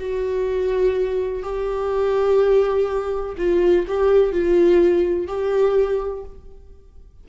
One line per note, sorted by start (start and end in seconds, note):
0.00 1.43 F#4
1.43 3.37 G4
3.38 3.87 F4
3.88 4.33 G4
4.33 5.28 F4
5.28 6.25 G4